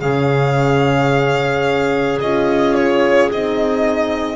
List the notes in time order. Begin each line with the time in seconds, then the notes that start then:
0.00 C#3 C#4 G#4 F5
2.20 C#4 F4 D#5
2.75 C#5
3.31 C4 D#4 D#5